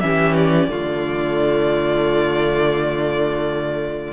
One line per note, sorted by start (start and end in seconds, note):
0.00 0.68 E3
0.00 0.70 C#4
0.00 0.70 G4
0.00 0.34 E5
0.35 4.13 D5
0.68 4.13 D3
0.68 4.13 A3
0.68 4.13 F4